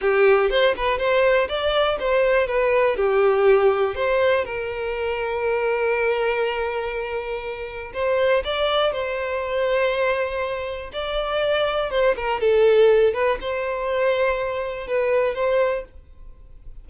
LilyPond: \new Staff \with { instrumentName = "violin" } { \time 4/4 \tempo 4 = 121 g'4 c''8 b'8 c''4 d''4 | c''4 b'4 g'2 | c''4 ais'2.~ | ais'1 |
c''4 d''4 c''2~ | c''2 d''2 | c''8 ais'8 a'4. b'8 c''4~ | c''2 b'4 c''4 | }